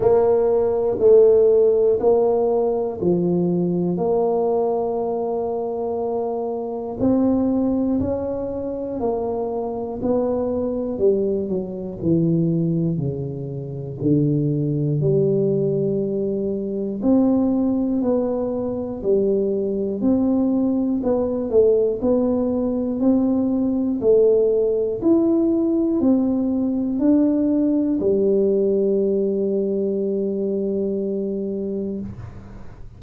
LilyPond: \new Staff \with { instrumentName = "tuba" } { \time 4/4 \tempo 4 = 60 ais4 a4 ais4 f4 | ais2. c'4 | cis'4 ais4 b4 g8 fis8 | e4 cis4 d4 g4~ |
g4 c'4 b4 g4 | c'4 b8 a8 b4 c'4 | a4 e'4 c'4 d'4 | g1 | }